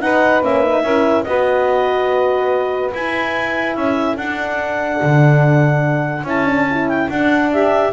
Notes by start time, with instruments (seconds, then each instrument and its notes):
0.00 horn D#4, double bass D#4, saxophone B4, clarinet F#5
0.42 double bass A#3, horn C#4, clarinet E5
0.63 horn D#4
0.83 double bass C#4, horn E4, saxophone A#4
1.23 double bass B3, horn F#4, saxophone B4, clarinet D#5
2.93 double bass E4, horn E4, clarinet G#5
3.74 double bass C#4, saxophone A4, clarinet E5
4.16 double bass D4, horn D4, clarinet F#5
5.02 double bass D3
6.23 double bass C#4, horn E4, clarinet A5
6.46 horn D4
6.70 horn E4
6.88 clarinet G5
7.09 double bass D4, horn D4, clarinet F#5
7.51 saxophone G4, clarinet E5